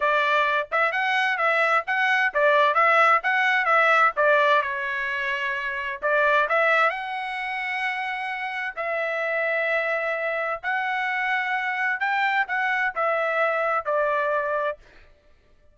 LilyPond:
\new Staff \with { instrumentName = "trumpet" } { \time 4/4 \tempo 4 = 130 d''4. e''8 fis''4 e''4 | fis''4 d''4 e''4 fis''4 | e''4 d''4 cis''2~ | cis''4 d''4 e''4 fis''4~ |
fis''2. e''4~ | e''2. fis''4~ | fis''2 g''4 fis''4 | e''2 d''2 | }